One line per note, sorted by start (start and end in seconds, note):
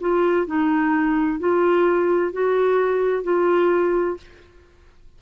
0.00 0.47 F4
0.47 1.39 D#4
1.39 2.32 F4
2.32 3.23 F#4
3.23 4.17 F4